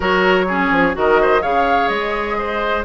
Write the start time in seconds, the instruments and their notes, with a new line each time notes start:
0.00 bassoon F#3, clarinet F#4, oboe A#4, flute C#5
0.48 clarinet C#4, oboe G#4
0.70 bassoon F3
0.93 bassoon D#3, clarinet F#4, oboe A#4, flute D#5
1.21 oboe C5
1.41 bassoon C#3, clarinet G#4, oboe C#5, flute F5
1.88 bassoon G#3, flute D#5
2.38 oboe C5